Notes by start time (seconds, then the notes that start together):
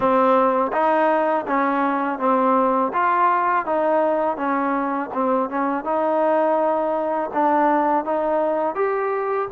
0.00 C4
0.72 D#4
1.47 C#4
2.19 C4
2.93 F4
3.65 D#4
4.37 C#4
5.13 C4
5.49 C#4
5.84 D#4
7.33 D4
8.04 D#4
8.75 G4